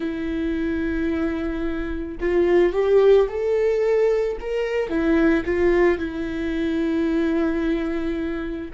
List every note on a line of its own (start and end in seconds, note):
0.00 2.18 E4
2.20 2.73 F4
2.73 3.27 G4
3.28 4.37 A4
4.40 4.88 A#4
4.88 5.43 E4
5.45 5.98 F4
5.98 8.71 E4